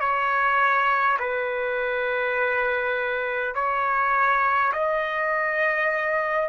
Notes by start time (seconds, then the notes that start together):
0.00 C#5
1.19 B4
3.55 C#5
4.73 D#5